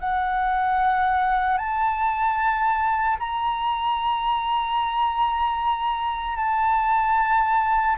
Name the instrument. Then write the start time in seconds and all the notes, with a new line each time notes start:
flute
0.00 F#5
1.57 A5
3.19 A#5
6.36 A5